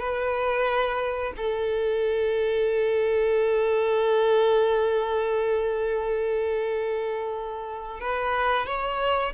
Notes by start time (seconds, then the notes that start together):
0.00 B4
1.37 A4
8.01 B4
8.67 C#5